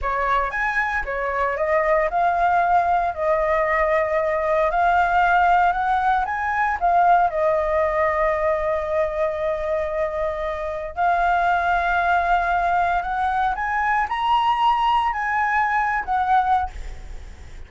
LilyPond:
\new Staff \with { instrumentName = "flute" } { \time 4/4 \tempo 4 = 115 cis''4 gis''4 cis''4 dis''4 | f''2 dis''2~ | dis''4 f''2 fis''4 | gis''4 f''4 dis''2~ |
dis''1~ | dis''4 f''2.~ | f''4 fis''4 gis''4 ais''4~ | ais''4 gis''4.~ gis''16 fis''4~ fis''16 | }